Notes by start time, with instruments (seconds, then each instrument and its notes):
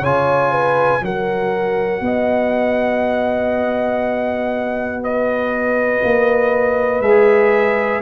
0.00 tuba C#3, trombone F4, horn C#5, trumpet G#5
0.51 horn B4
1.01 tuba F#3, trombone F#4, horn A#4, trumpet F#5
2.00 tuba B3, horn D#5
5.03 horn B4, trumpet D#5
6.03 tuba A#3
7.00 tuba G#3, trombone G#4, trumpet E5